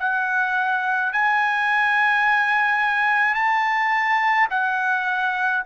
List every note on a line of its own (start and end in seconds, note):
0.00 1.13 F#5
1.13 3.35 G#5
3.35 4.48 A5
4.51 5.64 F#5